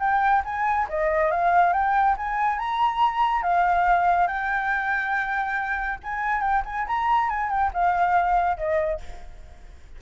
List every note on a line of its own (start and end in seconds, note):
0.00 0.43 G5
0.45 0.88 G#5
0.89 1.31 D#5
1.31 1.73 F5
1.73 2.16 G5
2.17 2.59 G#5
2.59 3.43 A#5
3.43 4.28 F5
4.28 5.99 G5
6.04 6.41 G#5
6.41 6.63 G5
6.65 6.87 G#5
6.87 7.30 A#5
7.30 7.50 G#5
7.50 7.71 G5
7.74 8.58 F5
8.58 9.01 D#5